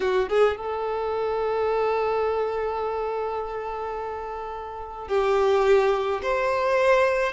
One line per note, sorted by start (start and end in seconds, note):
0.00 0.28 F#4
0.28 0.57 G#4
0.57 5.08 A4
5.08 6.21 G4
6.22 7.32 C5